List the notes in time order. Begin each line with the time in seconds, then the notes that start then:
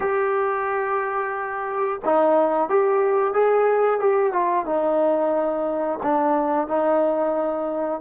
0.00 G4
2.05 D#4
2.69 G4
3.33 G#4
3.99 G4
4.32 F4
4.65 D#4
6.02 D4
6.67 D#4